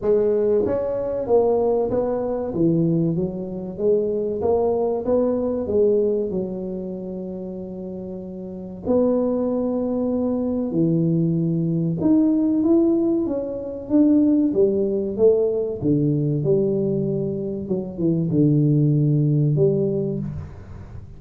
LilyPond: \new Staff \with { instrumentName = "tuba" } { \time 4/4 \tempo 4 = 95 gis4 cis'4 ais4 b4 | e4 fis4 gis4 ais4 | b4 gis4 fis2~ | fis2 b2~ |
b4 e2 dis'4 | e'4 cis'4 d'4 g4 | a4 d4 g2 | fis8 e8 d2 g4 | }